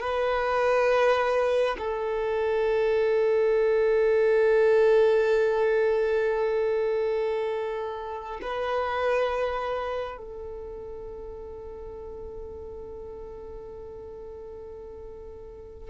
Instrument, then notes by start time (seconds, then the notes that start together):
violin
0.00 B4
1.79 A4
8.42 B4
10.18 A4